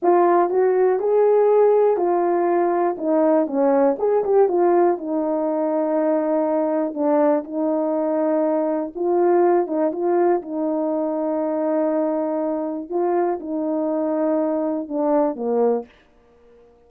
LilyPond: \new Staff \with { instrumentName = "horn" } { \time 4/4 \tempo 4 = 121 f'4 fis'4 gis'2 | f'2 dis'4 cis'4 | gis'8 g'8 f'4 dis'2~ | dis'2 d'4 dis'4~ |
dis'2 f'4. dis'8 | f'4 dis'2.~ | dis'2 f'4 dis'4~ | dis'2 d'4 ais4 | }